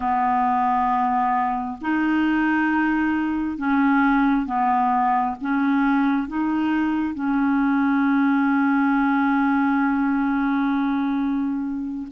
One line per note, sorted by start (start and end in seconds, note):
0.00 1.77 B3
1.81 3.57 D#4
3.57 4.45 C#4
4.45 5.35 B3
5.41 6.27 C#4
6.27 7.14 D#4
7.14 12.07 C#4